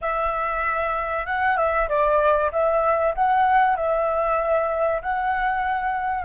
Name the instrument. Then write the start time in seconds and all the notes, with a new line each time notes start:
flute
0.01 E5
1.26 F#5
1.57 E5
1.88 D5
2.52 E5
3.14 F#5
3.76 E5
5.02 F#5